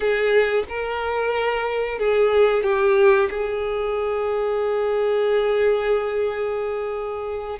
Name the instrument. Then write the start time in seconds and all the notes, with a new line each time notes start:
violin
0.00 G#4
0.68 A#4
1.98 G#4
2.63 G4
3.30 G#4